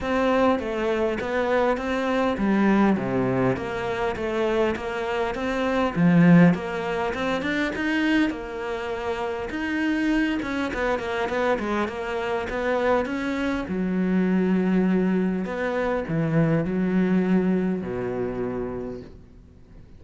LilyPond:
\new Staff \with { instrumentName = "cello" } { \time 4/4 \tempo 4 = 101 c'4 a4 b4 c'4 | g4 c4 ais4 a4 | ais4 c'4 f4 ais4 | c'8 d'8 dis'4 ais2 |
dis'4. cis'8 b8 ais8 b8 gis8 | ais4 b4 cis'4 fis4~ | fis2 b4 e4 | fis2 b,2 | }